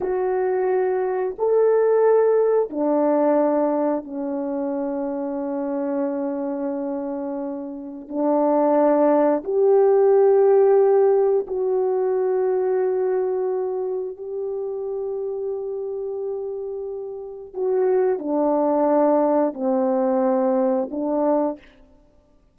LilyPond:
\new Staff \with { instrumentName = "horn" } { \time 4/4 \tempo 4 = 89 fis'2 a'2 | d'2 cis'2~ | cis'1 | d'2 g'2~ |
g'4 fis'2.~ | fis'4 g'2.~ | g'2 fis'4 d'4~ | d'4 c'2 d'4 | }